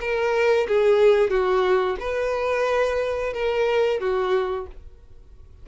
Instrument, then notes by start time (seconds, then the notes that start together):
violin
0.00 A#4
0.67 G#4
1.30 F#4
2.00 B4
3.33 A#4
4.00 F#4